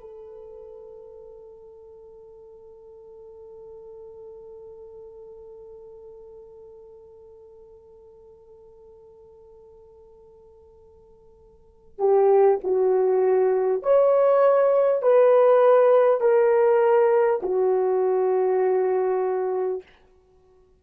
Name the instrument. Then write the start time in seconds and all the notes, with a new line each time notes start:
horn
0.00 A4
11.98 G4
12.63 F#4
13.82 C#5
15.02 B4
16.20 A#4
17.42 F#4